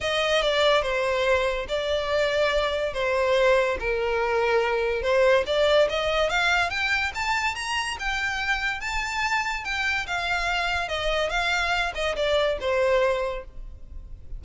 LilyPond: \new Staff \with { instrumentName = "violin" } { \time 4/4 \tempo 4 = 143 dis''4 d''4 c''2 | d''2. c''4~ | c''4 ais'2. | c''4 d''4 dis''4 f''4 |
g''4 a''4 ais''4 g''4~ | g''4 a''2 g''4 | f''2 dis''4 f''4~ | f''8 dis''8 d''4 c''2 | }